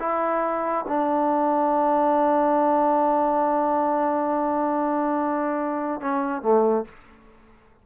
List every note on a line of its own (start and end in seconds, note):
0.00 0.86 E4
0.88 6.01 D4
6.01 6.42 C#4
6.42 6.85 A3